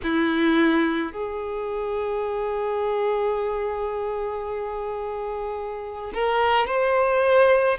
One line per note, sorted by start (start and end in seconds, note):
0.03 1.12 E4
1.12 6.12 G#4
6.14 6.67 A#4
6.67 7.78 C5